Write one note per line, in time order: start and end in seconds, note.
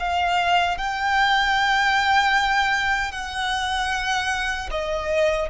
0.00 0.78 F5
0.78 3.12 G5
3.12 4.70 F#5
4.71 5.50 D#5